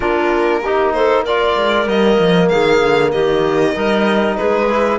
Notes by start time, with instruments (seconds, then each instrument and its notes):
0.00 cello A#3, trombone D4, clarinet F4, violin A#4
0.62 trombone D#4, clarinet G4
0.92 clarinet A4, violin C5
1.24 trombone F4, clarinet A#4, violin D5
1.55 cello G#3
1.86 cello G3, trombone A#3, violin D#5
2.19 cello F3
2.48 cello D#3, clarinet G#4, violin F5
2.82 cello D3
3.11 cello D#3, clarinet G4, violin D#5
3.74 cello G3, trombone D#4, clarinet A#4
4.36 cello G#3, clarinet G#4, violin B4
4.69 trombone E4